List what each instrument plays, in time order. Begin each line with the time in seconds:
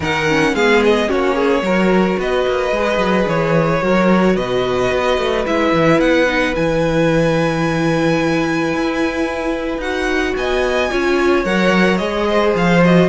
0.00 cello D#3, viola D#4, violin A#4 F#5
0.29 viola C#4
0.54 cello G#3, viola B3, violin G#4 F5
0.84 violin D#5
1.07 cello A#3, viola C#4, violin F#4 C#5
1.35 violin G#4
1.62 cello F#3, viola F#4, violin A#4
2.18 cello B3, violin B4 D#5
2.47 cello A#3
2.71 cello G#3, viola G#4
2.97 cello F#3
3.26 cello E3, violin C#5
3.81 cello F#3, viola F#4, violin A#4
4.35 cello B2, violin B4 D#5
4.91 cello B3
5.17 cello A3
5.45 cello G#3, viola E4, violin E5
5.72 cello E3
5.99 cello B3, violin F#5
6.26 viola D#4
6.53 cello E3, viola E4, violin G#5
8.73 cello E4
9.77 cello D#4, viola F#4, violin F#5
10.35 cello B3, violin D#5 G#5
10.90 cello C#4, viola F4, violin C#5
11.44 cello F#3, viola A#4, violin F#5
11.97 cello G#3, viola G#4, violin D#5
12.28 violin C5
12.54 cello F3, violin F5
12.83 viola F#4, violin D#5